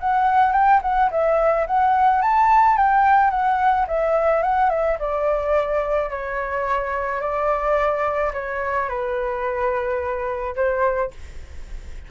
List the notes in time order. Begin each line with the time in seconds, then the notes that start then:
0.00 F#5
0.53 G5
0.82 F#5
1.11 E5
1.67 F#5
2.21 A5
2.77 G5
3.31 F#5
3.88 E5
4.42 F#5
4.70 E5
4.99 D5
6.10 C#5
7.21 D5
8.33 C#5
8.89 B4
10.55 C5